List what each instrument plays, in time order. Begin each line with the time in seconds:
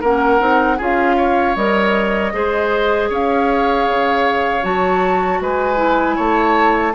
0.00 bassoon A#3, clarinet C#4, oboe A#4, flute F#5
0.39 bassoon C4, clarinet D#4
0.77 bassoon C#4, clarinet F4, oboe G#4, flute F5
1.17 oboe C#5
1.56 bassoon G3, clarinet A#4, flute D#5
2.32 bassoon G#3, clarinet G#4, oboe C5
3.09 bassoon C#4, oboe C#5, flute F5
3.88 bassoon C#3
4.62 bassoon F#3, clarinet F#4, flute A5
5.40 bassoon G#3, oboe B4, flute G#5
5.76 clarinet E4
6.16 bassoon A3, oboe C#5, flute A5